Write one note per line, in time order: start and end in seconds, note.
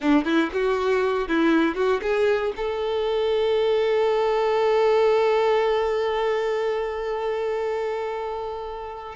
0.00 0.24 D4
0.24 0.50 E4
0.52 1.28 F#4
1.28 1.75 E4
1.75 2.00 F#4
2.02 2.52 G#4
2.56 9.15 A4